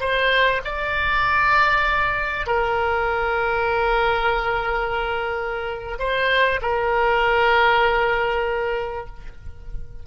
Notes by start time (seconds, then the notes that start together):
0.00 C5
0.64 D5
2.46 A#4
5.99 C5
6.62 A#4